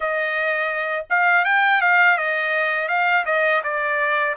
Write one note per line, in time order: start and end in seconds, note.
0.00 1.05 D#5
1.09 1.45 F5
1.45 1.81 G5
1.81 2.17 F5
2.17 2.88 D#5
2.88 3.24 F5
3.25 3.61 D#5
3.63 4.35 D5